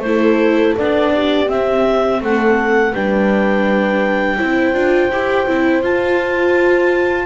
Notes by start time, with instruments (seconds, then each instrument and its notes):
0.00 double bass A3, viola E4, horn A4, clarinet C5
0.78 double bass B3, viola D4, clarinet D5
1.14 horn G4
1.47 viola C4, double bass C4, clarinet E5
2.21 double bass A3, horn A4, clarinet F#5
2.93 double bass G3, viola D4, horn B4, clarinet G5
4.38 double bass C4, viola E4, horn C5
4.74 double bass D4, viola F4
5.10 double bass E4, viola G4
5.47 double bass C4, viola E4
5.83 viola F4, double bass F4, clarinet A5